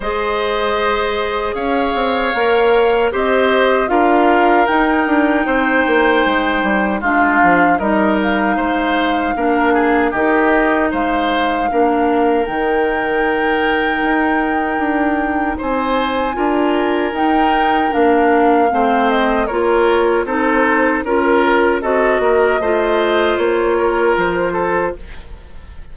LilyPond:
<<
  \new Staff \with { instrumentName = "flute" } { \time 4/4 \tempo 4 = 77 dis''2 f''2 | dis''4 f''4 g''2~ | g''4 f''4 dis''8 f''4.~ | f''4 dis''4 f''2 |
g''1 | gis''2 g''4 f''4~ | f''8 dis''8 cis''4 c''4 ais'4 | dis''2 cis''4 c''4 | }
  \new Staff \with { instrumentName = "oboe" } { \time 4/4 c''2 cis''2 | c''4 ais'2 c''4~ | c''4 f'4 ais'4 c''4 | ais'8 gis'8 g'4 c''4 ais'4~ |
ais'1 | c''4 ais'2. | c''4 ais'4 a'4 ais'4 | a'8 ais'8 c''4. ais'4 a'8 | }
  \new Staff \with { instrumentName = "clarinet" } { \time 4/4 gis'2. ais'4 | g'4 f'4 dis'2~ | dis'4 d'4 dis'2 | d'4 dis'2 d'4 |
dis'1~ | dis'4 f'4 dis'4 d'4 | c'4 f'4 dis'4 f'4 | fis'4 f'2. | }
  \new Staff \with { instrumentName = "bassoon" } { \time 4/4 gis2 cis'8 c'8 ais4 | c'4 d'4 dis'8 d'8 c'8 ais8 | gis8 g8 gis8 f8 g4 gis4 | ais4 dis4 gis4 ais4 |
dis2 dis'4 d'4 | c'4 d'4 dis'4 ais4 | a4 ais4 c'4 cis'4 | c'8 ais8 a4 ais4 f4 | }
>>